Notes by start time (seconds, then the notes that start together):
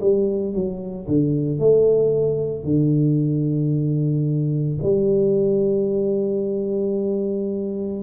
0.00 G3
0.53 F#3
1.07 D3
1.59 A3
2.63 D3
4.82 G3